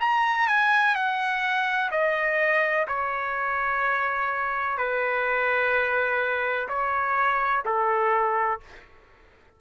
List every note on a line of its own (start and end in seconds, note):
0.00 0.48 A#5
0.48 0.95 G#5
0.95 1.90 F#5
1.91 2.87 D#5
2.87 4.77 C#5
4.77 6.68 B4
6.68 7.64 C#5
7.65 8.61 A4